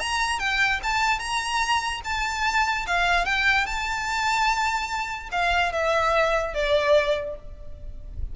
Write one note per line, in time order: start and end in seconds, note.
0.00 0.40 A#5
0.40 0.81 G5
0.84 1.20 A5
1.20 2.01 A#5
2.05 2.87 A5
2.87 3.26 F5
3.26 3.67 G5
3.67 5.30 A5
5.32 5.73 F5
5.73 6.55 E5
6.55 7.36 D5